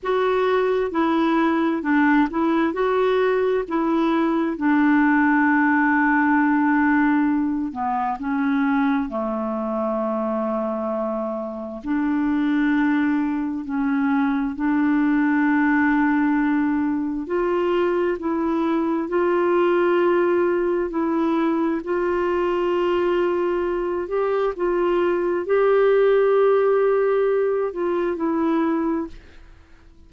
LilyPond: \new Staff \with { instrumentName = "clarinet" } { \time 4/4 \tempo 4 = 66 fis'4 e'4 d'8 e'8 fis'4 | e'4 d'2.~ | d'8 b8 cis'4 a2~ | a4 d'2 cis'4 |
d'2. f'4 | e'4 f'2 e'4 | f'2~ f'8 g'8 f'4 | g'2~ g'8 f'8 e'4 | }